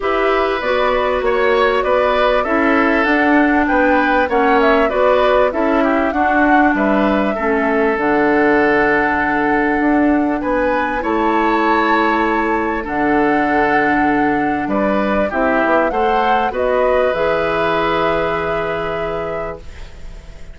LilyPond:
<<
  \new Staff \with { instrumentName = "flute" } { \time 4/4 \tempo 4 = 98 e''4 d''4 cis''4 d''4 | e''4 fis''4 g''4 fis''8 e''8 | d''4 e''4 fis''4 e''4~ | e''4 fis''2.~ |
fis''4 gis''4 a''2~ | a''4 fis''2. | d''4 e''4 fis''4 dis''4 | e''1 | }
  \new Staff \with { instrumentName = "oboe" } { \time 4/4 b'2 cis''4 b'4 | a'2 b'4 cis''4 | b'4 a'8 g'8 fis'4 b'4 | a'1~ |
a'4 b'4 cis''2~ | cis''4 a'2. | b'4 g'4 c''4 b'4~ | b'1 | }
  \new Staff \with { instrumentName = "clarinet" } { \time 4/4 g'4 fis'2. | e'4 d'2 cis'4 | fis'4 e'4 d'2 | cis'4 d'2.~ |
d'2 e'2~ | e'4 d'2.~ | d'4 e'4 a'4 fis'4 | gis'1 | }
  \new Staff \with { instrumentName = "bassoon" } { \time 4/4 e'4 b4 ais4 b4 | cis'4 d'4 b4 ais4 | b4 cis'4 d'4 g4 | a4 d2. |
d'4 b4 a2~ | a4 d2. | g4 c'8 b8 a4 b4 | e1 | }
>>